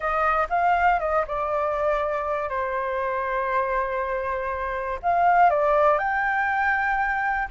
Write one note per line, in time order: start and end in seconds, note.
0.00 0.47 D#5
0.49 0.99 F5
0.99 1.24 D#5
1.27 2.49 D5
2.49 4.99 C5
5.02 5.50 F5
5.50 5.98 D5
5.98 7.48 G5